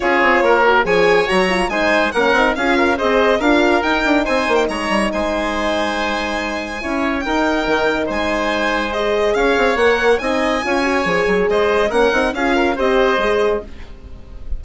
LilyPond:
<<
  \new Staff \with { instrumentName = "violin" } { \time 4/4 \tempo 4 = 141 cis''2 gis''4 ais''4 | gis''4 fis''4 f''4 dis''4 | f''4 g''4 gis''8. g''16 ais''4 | gis''1~ |
gis''4 g''2 gis''4~ | gis''4 dis''4 f''4 fis''4 | gis''2. dis''4 | fis''4 f''4 dis''2 | }
  \new Staff \with { instrumentName = "oboe" } { \time 4/4 gis'4 ais'4 cis''2 | c''4 ais'4 gis'8 ais'8 c''4 | ais'2 c''4 cis''4 | c''1 |
cis''4 ais'2 c''4~ | c''2 cis''2 | dis''4 cis''2 c''4 | ais'4 gis'8 ais'8 c''2 | }
  \new Staff \with { instrumentName = "horn" } { \time 4/4 f'4. fis'8 gis'4 fis'8 f'8 | dis'4 cis'8 dis'8 f'4 gis'4 | f'4 dis'2.~ | dis'1 |
e'4 dis'2.~ | dis'4 gis'2 ais'4 | dis'4 f'8 fis'8 gis'2 | cis'8 dis'8 f'4 g'4 gis'4 | }
  \new Staff \with { instrumentName = "bassoon" } { \time 4/4 cis'8 c'8 ais4 f4 fis4 | gis4 ais8 c'8 cis'4 c'4 | d'4 dis'8 d'8 c'8 ais8 gis8 g8 | gis1 |
cis'4 dis'4 dis4 gis4~ | gis2 cis'8 c'8 ais4 | c'4 cis'4 f8 fis8 gis4 | ais8 c'8 cis'4 c'4 gis4 | }
>>